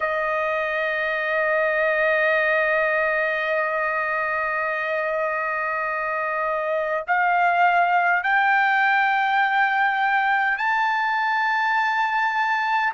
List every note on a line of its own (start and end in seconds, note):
0.00 7.05 D#5
7.07 8.23 F5
8.23 10.57 G5
10.57 12.93 A5